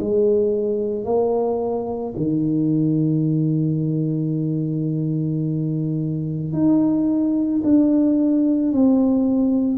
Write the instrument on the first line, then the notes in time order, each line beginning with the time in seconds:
tuba
0.00 G#3
1.05 A#3
2.17 D#3
6.53 D#4
7.64 D4
8.73 C4